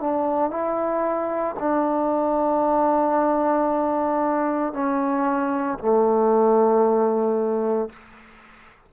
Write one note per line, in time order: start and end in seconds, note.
0.00 0.50 D4
0.50 1.56 E4
1.59 4.73 D4
4.73 5.78 C#4
5.78 7.89 A3